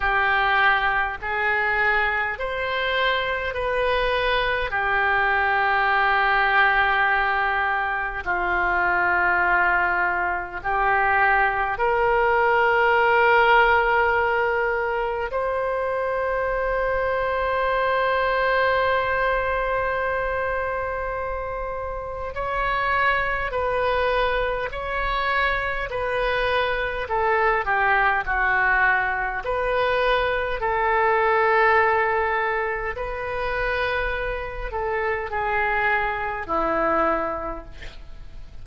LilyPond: \new Staff \with { instrumentName = "oboe" } { \time 4/4 \tempo 4 = 51 g'4 gis'4 c''4 b'4 | g'2. f'4~ | f'4 g'4 ais'2~ | ais'4 c''2.~ |
c''2. cis''4 | b'4 cis''4 b'4 a'8 g'8 | fis'4 b'4 a'2 | b'4. a'8 gis'4 e'4 | }